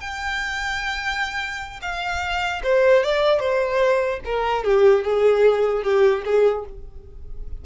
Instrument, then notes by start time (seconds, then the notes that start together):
violin
0.00 G5
1.82 F5
2.63 C5
3.03 D5
3.40 C5
4.25 A#4
4.64 G4
5.04 G#4
5.83 G4
6.25 G#4